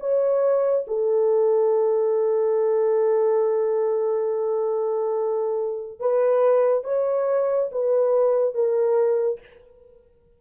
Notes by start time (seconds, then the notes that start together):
0.00 C#5
0.87 A4
6.00 B4
6.84 C#5
7.72 B4
8.54 A#4